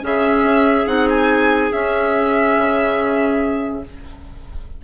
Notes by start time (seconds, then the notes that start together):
0.00 C#3 C#4 G#4 E5
0.43 C#4
0.86 C4 D#4 F#5
1.09 G#5
1.72 C#4 E5
2.57 C#3